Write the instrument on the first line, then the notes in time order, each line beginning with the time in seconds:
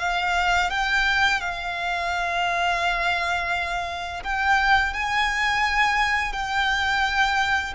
violin
0.00 F5
0.71 G5
1.41 F5
4.24 G5
4.94 G#5
6.33 G5